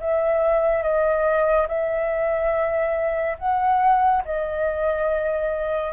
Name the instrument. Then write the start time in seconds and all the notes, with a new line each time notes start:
flute
0.00 E5
0.82 D#5
1.67 E5
3.38 F#5
4.24 D#5